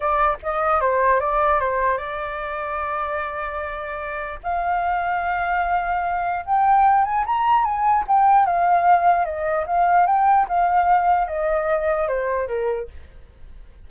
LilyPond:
\new Staff \with { instrumentName = "flute" } { \time 4/4 \tempo 4 = 149 d''4 dis''4 c''4 d''4 | c''4 d''2.~ | d''2. f''4~ | f''1 |
g''4. gis''8 ais''4 gis''4 | g''4 f''2 dis''4 | f''4 g''4 f''2 | dis''2 c''4 ais'4 | }